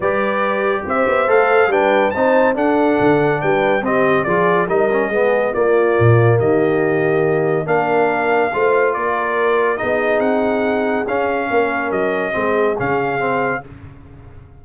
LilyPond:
<<
  \new Staff \with { instrumentName = "trumpet" } { \time 4/4 \tempo 4 = 141 d''2 e''4 f''4 | g''4 a''4 fis''2 | g''4 dis''4 d''4 dis''4~ | dis''4 d''2 dis''4~ |
dis''2 f''2~ | f''4 d''2 dis''4 | fis''2 f''2 | dis''2 f''2 | }
  \new Staff \with { instrumentName = "horn" } { \time 4/4 b'2 c''2 | b'4 c''4 a'2 | b'4 g'4 gis'4 ais'4 | gis'4 f'2 g'4~ |
g'2 ais'2 | c''4 ais'2 gis'4~ | gis'2. ais'4~ | ais'4 gis'2. | }
  \new Staff \with { instrumentName = "trombone" } { \time 4/4 g'2. a'4 | d'4 dis'4 d'2~ | d'4 c'4 f'4 dis'8 cis'8 | b4 ais2.~ |
ais2 d'2 | f'2. dis'4~ | dis'2 cis'2~ | cis'4 c'4 cis'4 c'4 | }
  \new Staff \with { instrumentName = "tuba" } { \time 4/4 g2 c'8 b8 a4 | g4 c'4 d'4 d4 | g4 c'4 f4 g4 | gis4 ais4 ais,4 dis4~ |
dis2 ais2 | a4 ais2 b4 | c'2 cis'4 ais4 | fis4 gis4 cis2 | }
>>